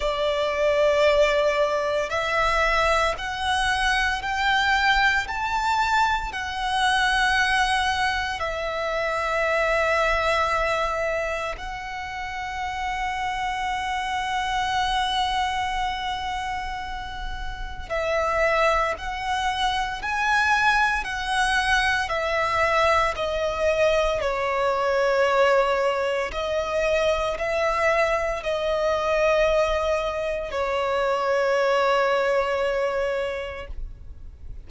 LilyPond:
\new Staff \with { instrumentName = "violin" } { \time 4/4 \tempo 4 = 57 d''2 e''4 fis''4 | g''4 a''4 fis''2 | e''2. fis''4~ | fis''1~ |
fis''4 e''4 fis''4 gis''4 | fis''4 e''4 dis''4 cis''4~ | cis''4 dis''4 e''4 dis''4~ | dis''4 cis''2. | }